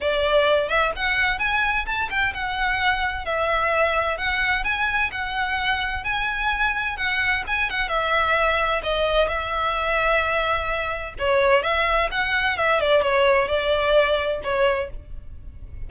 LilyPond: \new Staff \with { instrumentName = "violin" } { \time 4/4 \tempo 4 = 129 d''4. e''8 fis''4 gis''4 | a''8 g''8 fis''2 e''4~ | e''4 fis''4 gis''4 fis''4~ | fis''4 gis''2 fis''4 |
gis''8 fis''8 e''2 dis''4 | e''1 | cis''4 e''4 fis''4 e''8 d''8 | cis''4 d''2 cis''4 | }